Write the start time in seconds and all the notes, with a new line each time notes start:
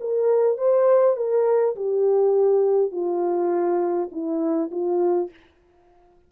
0.00 A#4
0.57 C5
1.16 A#4
1.75 G4
2.91 F4
4.11 E4
4.71 F4